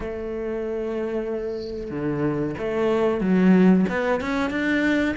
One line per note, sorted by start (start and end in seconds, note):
0.00 1.90 A3
1.90 2.55 D3
2.58 3.21 A3
3.21 3.85 F#3
3.89 4.20 B3
4.20 4.50 C#4
4.50 5.15 D4